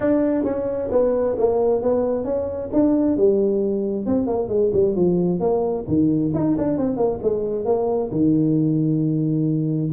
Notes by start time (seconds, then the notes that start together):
0.00 D4
0.44 C#4
0.91 B3
1.38 A#3
1.82 B3
2.24 C#4
2.72 D4
3.16 G3
4.05 C4
4.26 A#3
4.48 G#3
4.73 G3
4.95 F3
5.40 A#3
5.87 D#3
6.34 D#4
6.57 D4
6.77 C4
6.96 A#3
7.22 G#3
7.65 A#3
8.11 D#3